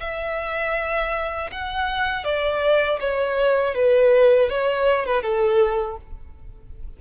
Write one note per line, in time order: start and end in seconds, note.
0.00 1.50 E5
1.52 2.24 F#5
2.24 2.99 D5
3.00 3.74 C#5
3.74 4.49 B4
4.49 5.06 C#5
5.06 5.22 B4
5.22 5.97 A4